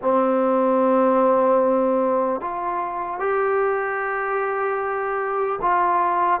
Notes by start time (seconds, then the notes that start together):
0.01 C4
2.40 F4
3.19 G4
5.61 F4